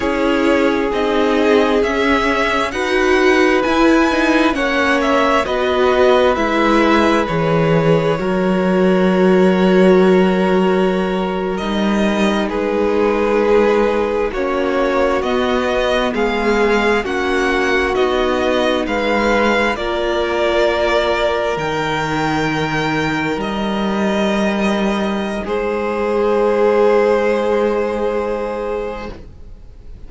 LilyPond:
<<
  \new Staff \with { instrumentName = "violin" } { \time 4/4 \tempo 4 = 66 cis''4 dis''4 e''4 fis''4 | gis''4 fis''8 e''8 dis''4 e''4 | cis''1~ | cis''8. dis''4 b'2 cis''16~ |
cis''8. dis''4 f''4 fis''4 dis''16~ | dis''8. f''4 d''2 g''16~ | g''4.~ g''16 dis''2~ dis''16 | c''1 | }
  \new Staff \with { instrumentName = "violin" } { \time 4/4 gis'2. b'4~ | b'4 cis''4 b'2~ | b'4 ais'2.~ | ais'4.~ ais'16 gis'2 fis'16~ |
fis'4.~ fis'16 gis'4 fis'4~ fis'16~ | fis'8. b'4 ais'2~ ais'16~ | ais'1 | gis'1 | }
  \new Staff \with { instrumentName = "viola" } { \time 4/4 e'4 dis'4 cis'4 fis'4 | e'8 dis'8 cis'4 fis'4 e'4 | gis'4 fis'2.~ | fis'8. dis'2. cis'16~ |
cis'8. b2 cis'4 dis'16~ | dis'4.~ dis'16 f'2 dis'16~ | dis'1~ | dis'1 | }
  \new Staff \with { instrumentName = "cello" } { \time 4/4 cis'4 c'4 cis'4 dis'4 | e'4 ais4 b4 gis4 | e4 fis2.~ | fis8. g4 gis2 ais16~ |
ais8. b4 gis4 ais4 b16~ | b8. gis4 ais2 dis16~ | dis4.~ dis16 g2~ g16 | gis1 | }
>>